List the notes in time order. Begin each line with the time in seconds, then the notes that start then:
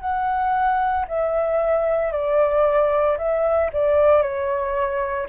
0.00 F#5
1.08 E5
2.12 D5
3.18 E5
3.73 D5
4.22 C#5